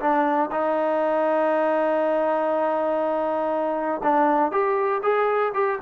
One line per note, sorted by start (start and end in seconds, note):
0.00 0.50 D4
0.51 4.01 D#4
4.03 4.52 D4
4.52 5.02 G4
5.03 5.53 G#4
5.54 5.79 G4